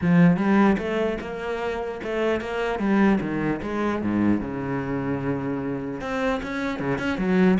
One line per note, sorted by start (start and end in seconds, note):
0.01 0.37 F3
0.37 0.77 G3
0.78 1.18 A3
1.21 2.01 A#3
2.03 2.41 A3
2.41 2.79 A#3
2.79 3.19 G3
3.21 3.61 D#3
3.62 4.01 G#3
4.01 4.40 G#2
4.40 6.00 C#3
6.00 6.40 C4
6.42 6.79 C#4
6.79 6.98 C#3
6.98 7.18 C#4
7.18 7.58 F#3